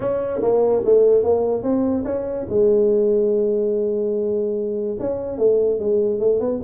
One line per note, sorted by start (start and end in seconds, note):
0.00 0.41 C#4
0.41 0.83 A#3
0.84 1.23 A3
1.23 1.62 A#3
1.62 2.04 C4
2.05 2.46 C#4
2.49 4.97 G#3
4.99 5.38 C#4
5.38 5.79 A3
5.79 6.19 G#3
6.19 6.40 A3
6.40 6.60 B3